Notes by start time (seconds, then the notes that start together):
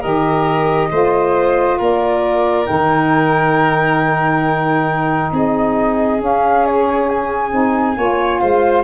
0.00 D#3 G4 A#4 D#5
0.91 A3 F4 C5
1.78 A#3 A#4 D5
2.64 D#4 G5
2.70 D#3
5.32 C4 G#4 D#5
6.18 C#4 F5
6.66 C#5
7.09 G#5
7.51 C4 D#4
7.97 A#3 F4 C#5
8.39 G#3 C5 F5